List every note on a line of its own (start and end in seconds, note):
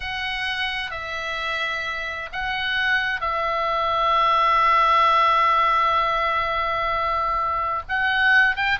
0.00 0.90 F#5
0.90 2.29 E5
2.32 3.21 F#5
3.21 7.82 E5
7.88 8.56 F#5
8.56 8.79 G5